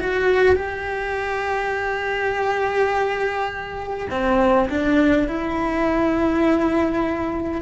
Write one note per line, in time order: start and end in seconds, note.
0.00 0.56 F#4
0.56 4.09 G4
4.10 4.69 C4
4.70 5.28 D4
5.28 7.62 E4